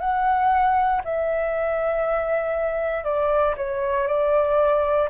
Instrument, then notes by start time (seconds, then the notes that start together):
flute
0.00 F#5
1.04 E5
3.04 D5
3.56 C#5
4.07 D5